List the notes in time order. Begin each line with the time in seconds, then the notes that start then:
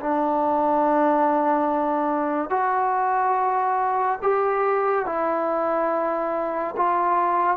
0.00 D4
2.50 F#4
4.23 G4
5.06 E4
6.77 F4